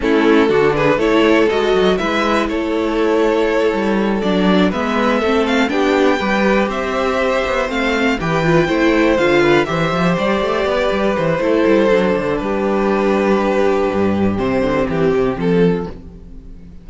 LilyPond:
<<
  \new Staff \with { instrumentName = "violin" } { \time 4/4 \tempo 4 = 121 a'4. b'8 cis''4 dis''4 | e''4 cis''2.~ | cis''8 d''4 e''4. f''8 g''8~ | g''4. e''2 f''8~ |
f''8 g''2 f''4 e''8~ | e''8 d''2 c''4.~ | c''4 b'2.~ | b'4 c''4 g'4 a'4 | }
  \new Staff \with { instrumentName = "violin" } { \time 4/4 e'4 fis'8 gis'8 a'2 | b'4 a'2.~ | a'4. b'4 a'4 g'8~ | g'8 b'4 c''2~ c''8~ |
c''8 b'4 c''4. b'8 c''8~ | c''4. b'4. a'4~ | a'4 g'2.~ | g'2.~ g'8 f'8 | }
  \new Staff \with { instrumentName = "viola" } { \time 4/4 cis'4 d'4 e'4 fis'4 | e'1~ | e'8 d'4 b4 c'4 d'8~ | d'8 g'2. c'8~ |
c'8 g'8 f'8 e'4 f'4 g'8~ | g'2. e'4 | d'1~ | d'4 c'2. | }
  \new Staff \with { instrumentName = "cello" } { \time 4/4 a4 d4 a4 gis8 fis8 | gis4 a2~ a8 g8~ | g8 fis4 gis4 a4 b8~ | b8 g4 c'4. b8 a8~ |
a8 e4 a4 d4 e8 | f8 g8 a8 b8 g8 e8 a8 g8 | fis8 d8 g2. | g,4 c8 d8 e8 c8 f4 | }
>>